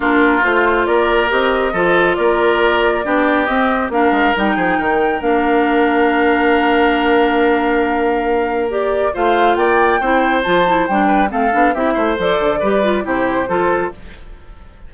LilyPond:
<<
  \new Staff \with { instrumentName = "flute" } { \time 4/4 \tempo 4 = 138 ais'4 c''4 d''4 dis''4~ | dis''4 d''2. | dis''4 f''4 g''2 | f''1~ |
f''1 | d''4 f''4 g''2 | a''4 g''4 f''4 e''4 | d''2 c''2 | }
  \new Staff \with { instrumentName = "oboe" } { \time 4/4 f'2 ais'2 | a'4 ais'2 g'4~ | g'4 ais'4. gis'8 ais'4~ | ais'1~ |
ais'1~ | ais'4 c''4 d''4 c''4~ | c''4. b'8 a'4 g'8 c''8~ | c''4 b'4 g'4 a'4 | }
  \new Staff \with { instrumentName = "clarinet" } { \time 4/4 d'4 f'2 g'4 | f'2. d'4 | c'4 d'4 dis'2 | d'1~ |
d'1 | g'4 f'2 e'4 | f'8 e'8 d'4 c'8 d'8 e'4 | a'4 g'8 f'8 e'4 f'4 | }
  \new Staff \with { instrumentName = "bassoon" } { \time 4/4 ais4 a4 ais4 c'4 | f4 ais2 b4 | c'4 ais8 gis8 g8 f8 dis4 | ais1~ |
ais1~ | ais4 a4 ais4 c'4 | f4 g4 a8 b8 c'8 a8 | f8 d8 g4 c4 f4 | }
>>